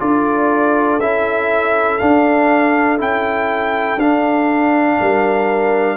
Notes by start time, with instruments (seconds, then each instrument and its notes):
0.00 tuba D4, trombone F4, horn A4, trumpet D5
1.00 tuba C#4, trombone E4, trumpet E5
1.98 trombone D4, tuba D4, trumpet F5
2.98 tuba C#4, trombone E4, trumpet G5
3.97 tuba D4, trombone D4, trumpet F5
5.01 tuba G3, horn A#4